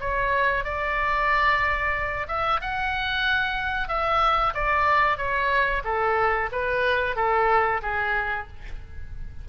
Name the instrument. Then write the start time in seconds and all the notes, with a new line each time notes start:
oboe
0.00 C#5
0.64 D5
2.28 E5
2.61 F#5
3.88 E5
4.54 D5
5.17 C#5
5.84 A4
6.51 B4
7.16 A4
7.82 G#4